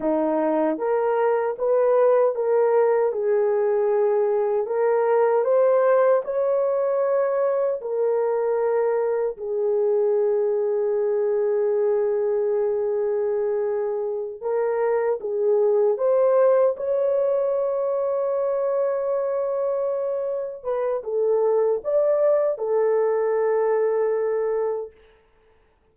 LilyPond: \new Staff \with { instrumentName = "horn" } { \time 4/4 \tempo 4 = 77 dis'4 ais'4 b'4 ais'4 | gis'2 ais'4 c''4 | cis''2 ais'2 | gis'1~ |
gis'2~ gis'8 ais'4 gis'8~ | gis'8 c''4 cis''2~ cis''8~ | cis''2~ cis''8 b'8 a'4 | d''4 a'2. | }